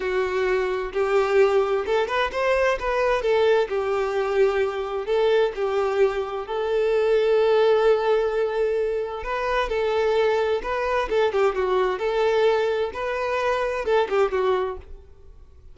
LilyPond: \new Staff \with { instrumentName = "violin" } { \time 4/4 \tempo 4 = 130 fis'2 g'2 | a'8 b'8 c''4 b'4 a'4 | g'2. a'4 | g'2 a'2~ |
a'1 | b'4 a'2 b'4 | a'8 g'8 fis'4 a'2 | b'2 a'8 g'8 fis'4 | }